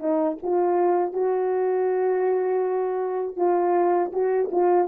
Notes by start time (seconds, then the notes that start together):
0.00 D#4
0.43 F4
1.13 F#4
3.36 F4
4.13 F#4
4.52 F4